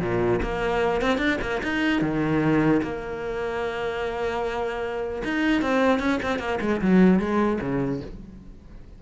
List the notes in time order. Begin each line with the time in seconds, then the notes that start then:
0.00 A#2
0.42 A#3
1.01 C4
1.18 D4
1.41 A#3
1.63 D#4
2.01 D#3
2.82 A#3
5.24 D#4
5.61 C4
5.99 C#4
6.22 C4
6.39 A#3
6.61 G#3
6.81 F#3
7.19 G#3
7.61 C#3